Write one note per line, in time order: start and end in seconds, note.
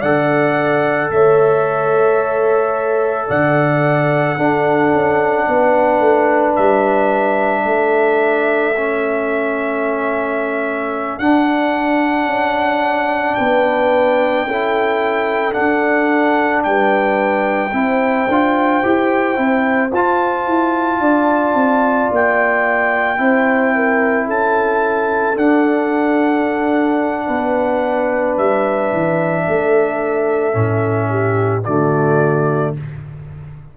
0.00 1.09 D3
0.00 4.38 A4
0.00 1.09 D5
0.00 1.10 F#5
1.09 3.27 A3
1.09 3.27 C#5
1.09 3.29 E5
3.27 4.38 D3
3.27 4.36 D5
3.27 6.55 F#5
4.37 4.92 D4
4.37 8.75 D4
4.37 5.46 A4
4.92 5.47 C#4
5.48 6.00 B3
5.48 7.62 B4
6.00 6.54 A3
6.55 7.64 G3
6.55 11.19 E5
7.62 11.19 A3
7.62 13.35 A4
8.77 11.20 C#4
11.19 12.25 D4
11.19 14.48 D4
11.19 13.35 F#5
12.25 13.34 C#4
13.35 14.46 B3
13.35 14.46 B4
13.35 15.53 G5
14.46 15.55 C#4
14.46 15.52 E4
14.46 16.66 A4
15.52 17.70 D4
15.52 16.62 F#5
15.58 16.65 D4
16.63 17.73 G3
16.63 17.73 B4
16.63 19.91 G5
17.73 18.27 C4
17.73 18.28 E4
17.73 21.01 C5
18.28 18.82 D4
18.28 18.83 F4
18.83 19.37 E4
18.83 19.35 G4
19.35 19.92 C4
19.35 19.90 E4
19.92 20.47 F4
19.92 23.17 F4
19.92 22.12 A5
20.47 21.00 E4
21.00 21.54 D4
21.00 23.19 D5
21.54 22.09 C4
22.11 23.19 A#3
22.11 24.29 G5
23.17 24.28 C4
23.17 25.35 E4
23.17 23.75 C5
23.75 24.26 A#4
24.26 25.36 C#4
24.26 27.26 A4
24.26 25.38 A5
25.36 27.27 D4
25.36 30.53 D4
25.36 28.37 F#5
27.26 28.37 B3
27.26 29.44 B4
28.37 28.92 G3
28.37 31.64 E5
28.92 29.47 E3
29.47 30.55 A3
29.47 31.10 A4
30.53 31.64 A2
30.53 31.62 C#4
31.10 31.64 G4
31.64 32.75 D3
31.64 32.77 A3
31.64 32.73 F#4
31.64 32.73 D5